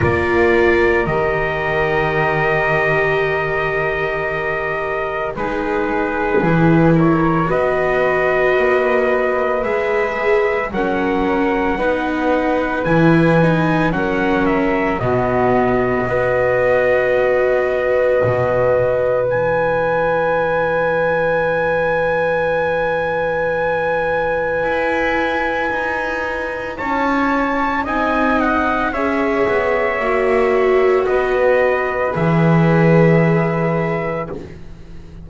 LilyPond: <<
  \new Staff \with { instrumentName = "trumpet" } { \time 4/4 \tempo 4 = 56 d''4 dis''2.~ | dis''4 b'4. cis''8 dis''4~ | dis''4 e''4 fis''2 | gis''4 fis''8 e''8 dis''2~ |
dis''2 gis''2~ | gis''1~ | gis''4 a''4 gis''8 fis''8 e''4~ | e''4 dis''4 e''2 | }
  \new Staff \with { instrumentName = "flute" } { \time 4/4 ais'1~ | ais'4 gis'4. ais'8 b'4~ | b'2 ais'4 b'4~ | b'4 ais'4 fis'4 b'4~ |
b'1~ | b'1~ | b'4 cis''4 dis''4 cis''4~ | cis''4 b'2. | }
  \new Staff \with { instrumentName = "viola" } { \time 4/4 f'4 g'2.~ | g'4 dis'4 e'4 fis'4~ | fis'4 gis'4 cis'4 dis'4 | e'8 dis'8 cis'4 b4 fis'4~ |
fis'2 e'2~ | e'1~ | e'2 dis'4 gis'4 | fis'2 gis'2 | }
  \new Staff \with { instrumentName = "double bass" } { \time 4/4 ais4 dis2.~ | dis4 gis4 e4 b4 | ais4 gis4 fis4 b4 | e4 fis4 b,4 b4~ |
b4 b,4 e2~ | e2. e'4 | dis'4 cis'4 c'4 cis'8 b8 | ais4 b4 e2 | }
>>